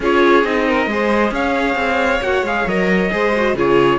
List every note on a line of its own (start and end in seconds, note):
0.00 0.44 C#4
0.00 0.43 F4
0.00 0.67 G#4
0.00 0.44 C#5
0.43 0.86 C4
0.43 0.87 D#4
0.43 1.33 D#5
0.67 0.89 A#4
0.86 1.31 G#3
0.86 2.22 G#4
0.86 1.34 C5
1.31 1.75 C#4
1.31 3.11 C#5
1.31 2.22 F5
1.75 2.20 C4
2.22 2.42 A#3
2.22 2.44 F#4
2.22 2.45 F#5
2.42 2.64 G#3
2.42 2.68 G#4
2.42 2.68 F5
2.66 3.10 F#3
2.66 3.11 A#4
2.66 3.57 D#5
3.11 3.54 G#3
3.11 3.33 G#4
3.11 3.55 C5
3.36 3.56 F#4
3.54 3.98 C#3
3.54 3.98 F4
3.54 3.98 G#4
3.54 3.98 C#5